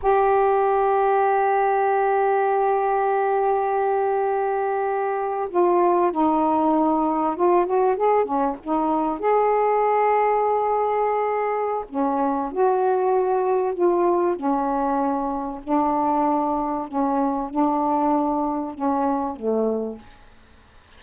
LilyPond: \new Staff \with { instrumentName = "saxophone" } { \time 4/4 \tempo 4 = 96 g'1~ | g'1~ | g'8. f'4 dis'2 f'16~ | f'16 fis'8 gis'8 cis'8 dis'4 gis'4~ gis'16~ |
gis'2. cis'4 | fis'2 f'4 cis'4~ | cis'4 d'2 cis'4 | d'2 cis'4 a4 | }